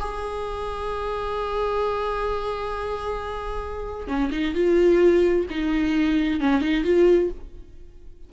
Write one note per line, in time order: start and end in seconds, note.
0.00 4.07 G#4
4.07 4.30 C#4
4.32 4.54 D#4
4.54 5.46 F4
5.50 6.40 D#4
6.40 6.61 C#4
6.61 6.84 D#4
6.84 7.30 F4